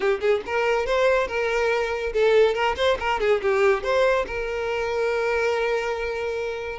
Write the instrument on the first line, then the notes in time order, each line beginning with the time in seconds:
violin
0.00 G4
0.20 G#4
0.46 A#4
0.86 C5
1.27 A#4
2.13 A4
2.54 A#4
2.76 C5
2.99 A#4
3.20 G#4
3.42 G4
3.83 C5
4.26 A#4